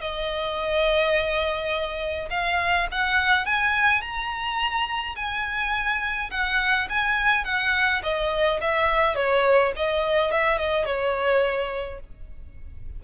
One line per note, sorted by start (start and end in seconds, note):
0.00 2.29 D#5
2.30 2.87 F5
2.91 3.45 F#5
3.45 4.01 G#5
4.01 5.15 A#5
5.15 6.30 G#5
6.30 6.88 F#5
6.89 7.44 G#5
7.44 8.01 F#5
8.03 8.60 D#5
8.61 9.15 E5
9.15 9.72 C#5
9.76 10.31 D#5
10.31 10.58 E5
10.58 10.85 D#5
10.85 11.99 C#5